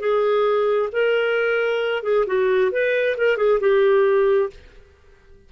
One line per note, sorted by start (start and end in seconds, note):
0.00 0.90 G#4
0.92 2.03 A#4
2.03 2.25 G#4
2.26 2.71 F#4
2.71 3.16 B4
3.17 3.37 A#4
3.37 3.59 G#4
3.60 4.50 G4